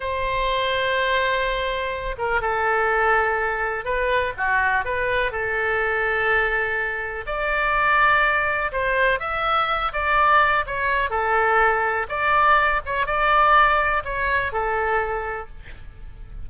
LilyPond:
\new Staff \with { instrumentName = "oboe" } { \time 4/4 \tempo 4 = 124 c''1~ | c''8 ais'8 a'2. | b'4 fis'4 b'4 a'4~ | a'2. d''4~ |
d''2 c''4 e''4~ | e''8 d''4. cis''4 a'4~ | a'4 d''4. cis''8 d''4~ | d''4 cis''4 a'2 | }